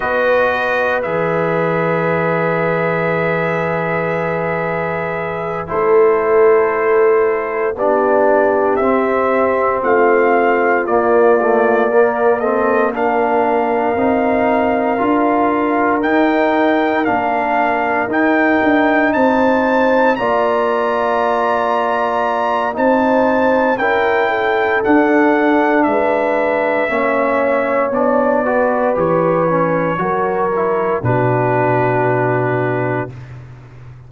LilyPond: <<
  \new Staff \with { instrumentName = "trumpet" } { \time 4/4 \tempo 4 = 58 dis''4 e''2.~ | e''4. c''2 d''8~ | d''8 e''4 f''4 d''4. | dis''8 f''2. g''8~ |
g''8 f''4 g''4 a''4 ais''8~ | ais''2 a''4 g''4 | fis''4 e''2 d''4 | cis''2 b'2 | }
  \new Staff \with { instrumentName = "horn" } { \time 4/4 b'1~ | b'4. a'2 g'8~ | g'4. f'2 ais'8 | a'8 ais'2.~ ais'8~ |
ais'2~ ais'8 c''4 d''8~ | d''2 c''4 ais'8 a'8~ | a'4 b'4 cis''4. b'8~ | b'4 ais'4 fis'2 | }
  \new Staff \with { instrumentName = "trombone" } { \time 4/4 fis'4 gis'2.~ | gis'4. e'2 d'8~ | d'8 c'2 ais8 a8 ais8 | c'8 d'4 dis'4 f'4 dis'8~ |
dis'8 d'4 dis'2 f'8~ | f'2 dis'4 e'4 | d'2 cis'4 d'8 fis'8 | g'8 cis'8 fis'8 e'8 d'2 | }
  \new Staff \with { instrumentName = "tuba" } { \time 4/4 b4 e2.~ | e4. a2 b8~ | b8 c'4 a4 ais4.~ | ais4. c'4 d'4 dis'8~ |
dis'8 ais4 dis'8 d'8 c'4 ais8~ | ais2 c'4 cis'4 | d'4 gis4 ais4 b4 | e4 fis4 b,2 | }
>>